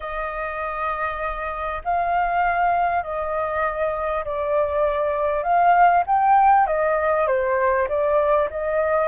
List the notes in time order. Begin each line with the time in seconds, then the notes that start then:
0.00 D#5
1.84 F5
3.03 D#5
4.24 D5
5.43 F5
6.06 G5
6.66 D#5
7.27 C5
7.88 D5
8.50 D#5